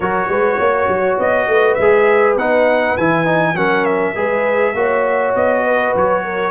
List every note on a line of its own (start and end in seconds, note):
0.00 0.27 F#3
0.00 1.80 F#4
0.00 0.29 A#4
0.00 1.18 C#5
0.29 0.58 G#3
0.29 0.58 B4
0.58 0.87 A#3
0.58 1.47 C#5
0.87 1.17 F#3
1.18 1.47 B3
1.18 1.74 D#5
1.47 1.76 A3
1.47 3.56 B4
1.74 2.36 G#3
1.74 2.33 E5
1.81 2.38 G#4
2.36 2.95 B3
2.36 2.98 D#4
2.36 2.97 F#5
2.97 3.54 E3
2.97 3.25 E4
2.97 3.56 G#5
3.25 3.54 D#4
3.54 4.14 F#3
3.54 4.15 C#4
3.54 4.14 A#4
3.54 3.85 F#5
3.85 5.33 E5
4.14 4.74 G#3
4.14 4.74 G#4
4.14 4.73 B4
4.74 5.33 A#3
4.74 6.51 F#4
4.74 5.64 C#5
5.35 5.94 B3
5.35 5.94 D#5
5.64 6.23 B4
5.95 6.51 F#3
5.95 6.51 C#5
6.24 6.51 A#4